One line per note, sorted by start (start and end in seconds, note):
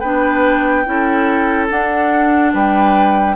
0.00 0.86 B3
0.00 0.85 D4
0.00 0.83 B4
0.00 1.67 G5
0.85 1.70 C#4
0.85 1.69 E4
0.85 2.53 A4
1.70 3.36 D4
1.70 2.54 D4
1.70 2.53 F#5
2.53 3.36 G3
2.53 3.36 B4
2.53 3.36 G5